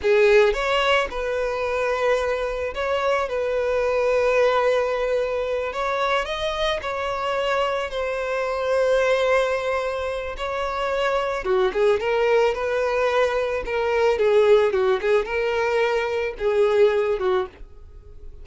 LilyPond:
\new Staff \with { instrumentName = "violin" } { \time 4/4 \tempo 4 = 110 gis'4 cis''4 b'2~ | b'4 cis''4 b'2~ | b'2~ b'8 cis''4 dis''8~ | dis''8 cis''2 c''4.~ |
c''2. cis''4~ | cis''4 fis'8 gis'8 ais'4 b'4~ | b'4 ais'4 gis'4 fis'8 gis'8 | ais'2 gis'4. fis'8 | }